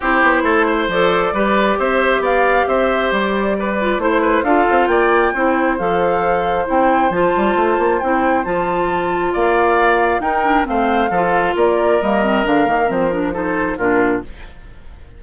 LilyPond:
<<
  \new Staff \with { instrumentName = "flute" } { \time 4/4 \tempo 4 = 135 c''2 d''2 | e''4 f''4 e''4 d''4~ | d''4 c''4 f''4 g''4~ | g''4 f''2 g''4 |
a''2 g''4 a''4~ | a''4 f''2 g''4 | f''2 d''4 dis''4 | f''4 c''8 ais'8 c''4 ais'4 | }
  \new Staff \with { instrumentName = "oboe" } { \time 4/4 g'4 a'8 c''4. b'4 | c''4 d''4 c''2 | b'4 c''8 b'8 a'4 d''4 | c''1~ |
c''1~ | c''4 d''2 ais'4 | c''4 a'4 ais'2~ | ais'2 a'4 f'4 | }
  \new Staff \with { instrumentName = "clarinet" } { \time 4/4 e'2 a'4 g'4~ | g'1~ | g'8 f'8 e'4 f'2 | e'4 a'2 e'4 |
f'2 e'4 f'4~ | f'2. dis'8 d'8 | c'4 f'2 ais8 c'8 | d'8 ais8 c'8 d'8 dis'4 d'4 | }
  \new Staff \with { instrumentName = "bassoon" } { \time 4/4 c'8 b8 a4 f4 g4 | c'4 b4 c'4 g4~ | g4 a4 d'8 c'8 ais4 | c'4 f2 c'4 |
f8 g8 a8 ais8 c'4 f4~ | f4 ais2 dis'4 | a4 f4 ais4 g4 | d8 dis8 f2 ais,4 | }
>>